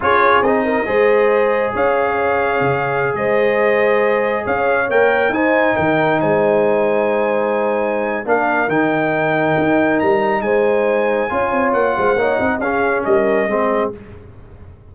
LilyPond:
<<
  \new Staff \with { instrumentName = "trumpet" } { \time 4/4 \tempo 4 = 138 cis''4 dis''2. | f''2.~ f''16 dis''8.~ | dis''2~ dis''16 f''4 g''8.~ | g''16 gis''4 g''4 gis''4.~ gis''16~ |
gis''2. f''4 | g''2. ais''4 | gis''2. fis''4~ | fis''4 f''4 dis''2 | }
  \new Staff \with { instrumentName = "horn" } { \time 4/4 gis'4. ais'8 c''2 | cis''2.~ cis''16 c''8.~ | c''2~ c''16 cis''4.~ cis''16~ | cis''16 c''4 ais'4 c''4.~ c''16~ |
c''2. ais'4~ | ais'1 | c''2 cis''4. c''8 | cis''8 dis''8 gis'4 ais'4 gis'4 | }
  \new Staff \with { instrumentName = "trombone" } { \time 4/4 f'4 dis'4 gis'2~ | gis'1~ | gis'2.~ gis'16 ais'8.~ | ais'16 dis'2.~ dis'8.~ |
dis'2. d'4 | dis'1~ | dis'2 f'2 | dis'4 cis'2 c'4 | }
  \new Staff \with { instrumentName = "tuba" } { \time 4/4 cis'4 c'4 gis2 | cis'2 cis4~ cis16 gis8.~ | gis2~ gis16 cis'4 ais8.~ | ais16 dis'4 dis4 gis4.~ gis16~ |
gis2. ais4 | dis2 dis'4 g4 | gis2 cis'8 c'8 ais8 gis8 | ais8 c'8 cis'4 g4 gis4 | }
>>